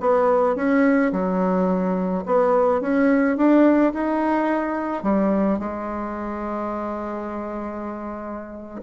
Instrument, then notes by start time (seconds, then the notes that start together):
bassoon
0.00 B3
0.56 C#4
1.12 F#3
2.26 B3
2.81 C#4
3.37 D4
3.94 D#4
5.03 G3
5.59 G#3